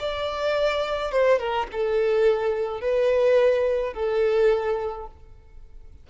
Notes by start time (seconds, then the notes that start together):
0.00 D5
1.12 C5
1.39 A#4
1.72 A4
2.81 B4
3.94 A4